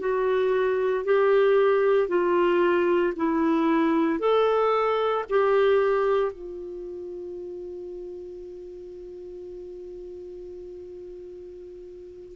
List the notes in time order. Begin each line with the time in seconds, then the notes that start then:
0.00 F#4
1.05 G4
2.08 F4
3.16 E4
4.19 A4
5.30 G4
6.33 F4